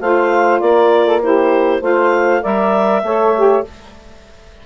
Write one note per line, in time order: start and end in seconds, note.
0.00 0.61 A3
0.00 1.21 F4
0.00 0.61 C5
0.00 0.60 F5
0.60 1.81 A#3
0.60 1.05 A#4
0.60 1.20 D5
1.05 1.20 A4
1.21 1.80 E4
1.21 1.80 G4
1.21 1.82 C5
1.80 2.41 A3
1.80 2.41 F4
1.80 2.41 C5
1.80 2.43 F5
2.41 3.02 G3
2.41 3.02 A#4
2.41 3.02 D5
2.41 3.64 E5
3.02 3.63 A3
3.02 3.35 A4
3.02 3.64 C#5
3.35 3.66 G4